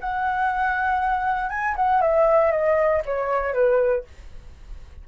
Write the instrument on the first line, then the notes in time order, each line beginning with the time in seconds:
flute
0.00 F#5
1.49 G#5
1.75 F#5
2.01 E5
2.51 D#5
3.05 C#5
3.53 B4